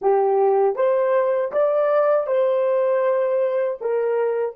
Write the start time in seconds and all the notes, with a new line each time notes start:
0.01 G4
0.75 C5
1.52 D5
2.26 C5
3.80 A#4